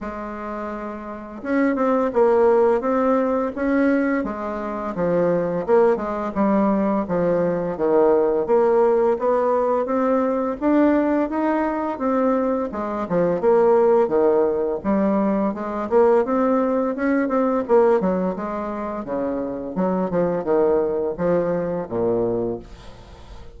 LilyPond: \new Staff \with { instrumentName = "bassoon" } { \time 4/4 \tempo 4 = 85 gis2 cis'8 c'8 ais4 | c'4 cis'4 gis4 f4 | ais8 gis8 g4 f4 dis4 | ais4 b4 c'4 d'4 |
dis'4 c'4 gis8 f8 ais4 | dis4 g4 gis8 ais8 c'4 | cis'8 c'8 ais8 fis8 gis4 cis4 | fis8 f8 dis4 f4 ais,4 | }